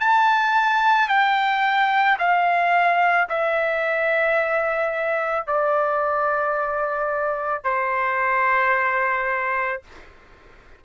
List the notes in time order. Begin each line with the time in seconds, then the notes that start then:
0.00 A5
1.09 G5
2.19 F5
3.29 E5
5.47 D5
7.64 C5